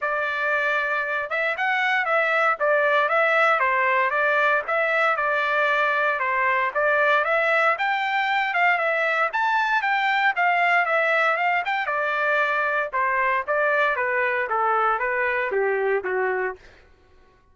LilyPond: \new Staff \with { instrumentName = "trumpet" } { \time 4/4 \tempo 4 = 116 d''2~ d''8 e''8 fis''4 | e''4 d''4 e''4 c''4 | d''4 e''4 d''2 | c''4 d''4 e''4 g''4~ |
g''8 f''8 e''4 a''4 g''4 | f''4 e''4 f''8 g''8 d''4~ | d''4 c''4 d''4 b'4 | a'4 b'4 g'4 fis'4 | }